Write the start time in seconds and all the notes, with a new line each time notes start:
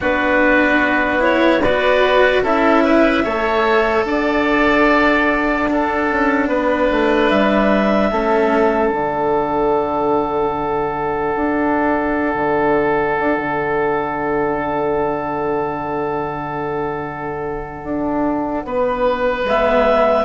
0.00 B3 D4 F#4 B4
1.19 E4 C#5
1.62 F#4 B4 D5
2.42 C#4 E4 A4 E5
2.83 B4
3.23 A3 A4 C#5
4.04 D4 D5 F#5
5.68 D4 A4
6.11 C#4
6.47 B3 B4
6.90 A3
7.28 G3 E5
8.11 A3 C#4 A4
8.88 D3 D4 F#5
11.36 D4
12.35 D3
13.19 D4
13.37 D3
17.83 D4
18.64 B3 B4
19.44 G#3 B3 E5